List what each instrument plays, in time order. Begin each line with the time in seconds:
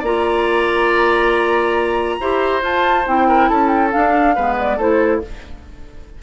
0.00 bassoon A#3, clarinet F4, oboe D5, flute A#5
2.21 bassoon E4, clarinet G4, oboe C5
2.62 clarinet F4, bassoon F4, flute A5
3.07 bassoon C4, clarinet E4, flute G5
3.29 oboe A#4
3.50 bassoon C#4, oboe A4, flute A5
3.69 flute G5
3.91 clarinet D4, bassoon D4, flute F5
4.36 bassoon G#3, clarinet B3, oboe B4
4.60 flute D5
4.77 bassoon A3, clarinet E4, oboe A4, flute C5